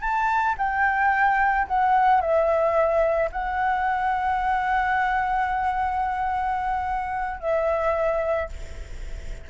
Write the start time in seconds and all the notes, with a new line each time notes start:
0.00 A5
0.57 G5
1.67 F#5
2.20 E5
3.31 F#5
7.39 E5